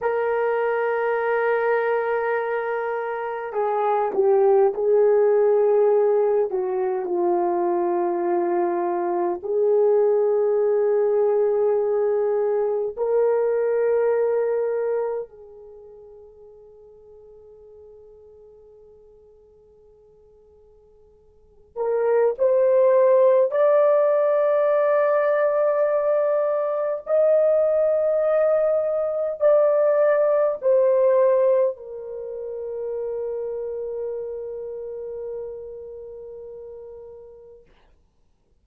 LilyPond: \new Staff \with { instrumentName = "horn" } { \time 4/4 \tempo 4 = 51 ais'2. gis'8 g'8 | gis'4. fis'8 f'2 | gis'2. ais'4~ | ais'4 gis'2.~ |
gis'2~ gis'8 ais'8 c''4 | d''2. dis''4~ | dis''4 d''4 c''4 ais'4~ | ais'1 | }